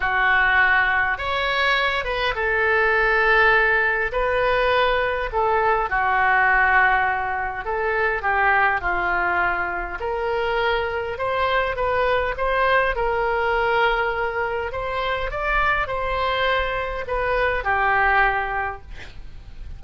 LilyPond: \new Staff \with { instrumentName = "oboe" } { \time 4/4 \tempo 4 = 102 fis'2 cis''4. b'8 | a'2. b'4~ | b'4 a'4 fis'2~ | fis'4 a'4 g'4 f'4~ |
f'4 ais'2 c''4 | b'4 c''4 ais'2~ | ais'4 c''4 d''4 c''4~ | c''4 b'4 g'2 | }